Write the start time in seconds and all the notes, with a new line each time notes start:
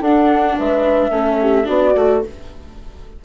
0.00 D4 A4 F#5
0.58 G#3 B4 E5
1.11 A3 C#4 A4
1.42 G4
1.64 B3 D4 F#4 D5
1.95 A3 F#4